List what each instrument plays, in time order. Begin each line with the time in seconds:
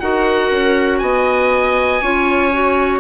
0.00 bassoon D#4, clarinet F#4, viola A#4, oboe F#5
0.51 bassoon C#4
0.99 bassoon B3, viola D#5, oboe G#5
2.01 bassoon C#4, clarinet F4, viola C#5
2.52 clarinet F#4